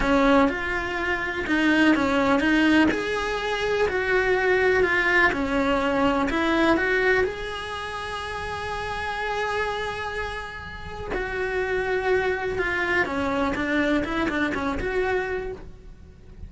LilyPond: \new Staff \with { instrumentName = "cello" } { \time 4/4 \tempo 4 = 124 cis'4 f'2 dis'4 | cis'4 dis'4 gis'2 | fis'2 f'4 cis'4~ | cis'4 e'4 fis'4 gis'4~ |
gis'1~ | gis'2. fis'4~ | fis'2 f'4 cis'4 | d'4 e'8 d'8 cis'8 fis'4. | }